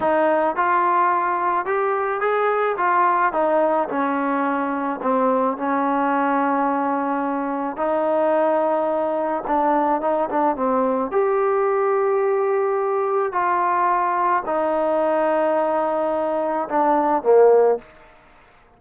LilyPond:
\new Staff \with { instrumentName = "trombone" } { \time 4/4 \tempo 4 = 108 dis'4 f'2 g'4 | gis'4 f'4 dis'4 cis'4~ | cis'4 c'4 cis'2~ | cis'2 dis'2~ |
dis'4 d'4 dis'8 d'8 c'4 | g'1 | f'2 dis'2~ | dis'2 d'4 ais4 | }